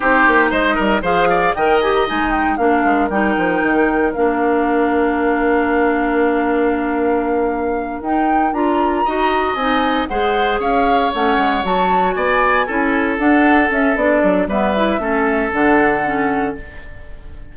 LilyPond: <<
  \new Staff \with { instrumentName = "flute" } { \time 4/4 \tempo 4 = 116 c''4 dis''4 f''4 g''8 gis''16 ais''16 | gis''8 g''8 f''4 g''2 | f''1~ | f''2.~ f''8 g''8~ |
g''8 ais''2 gis''4 fis''8~ | fis''8 f''4 fis''4 a''4 gis''8~ | gis''4. fis''4 e''8 d''4 | e''2 fis''2 | }
  \new Staff \with { instrumentName = "oboe" } { \time 4/4 g'4 c''8 ais'8 c''8 d''8 dis''4~ | dis''4 ais'2.~ | ais'1~ | ais'1~ |
ais'4. dis''2 c''8~ | c''8 cis''2. d''8~ | d''8 a'2.~ a'8 | b'4 a'2. | }
  \new Staff \with { instrumentName = "clarinet" } { \time 4/4 dis'2 gis'4 ais'8 g'8 | dis'4 d'4 dis'2 | d'1~ | d'2.~ d'8 dis'8~ |
dis'8 f'4 fis'4 dis'4 gis'8~ | gis'4. cis'4 fis'4.~ | fis'8 e'4 d'4 cis'8 d'4 | b8 e'8 cis'4 d'4 cis'4 | }
  \new Staff \with { instrumentName = "bassoon" } { \time 4/4 c'8 ais8 gis8 g8 f4 dis4 | gis4 ais8 gis8 g8 f8 dis4 | ais1~ | ais2.~ ais8 dis'8~ |
dis'8 d'4 dis'4 c'4 gis8~ | gis8 cis'4 a8 gis8 fis4 b8~ | b8 cis'4 d'4 cis'8 b8 fis8 | g4 a4 d2 | }
>>